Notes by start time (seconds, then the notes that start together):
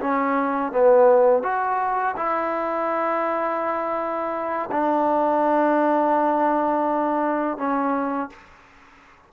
0.00 C#4
0.72 B3
1.43 F#4
2.16 E4
4.71 D4
7.57 C#4